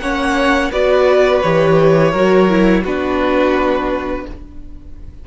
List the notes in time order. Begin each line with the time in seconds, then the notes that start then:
0.00 A#3 C#4 C#5 F#5
0.72 B3 F#4 B4 D5
1.41 E3 G4 C#5
2.11 F#3 F#4 A#4
2.49 E4
2.83 B3 D4 F#4 B4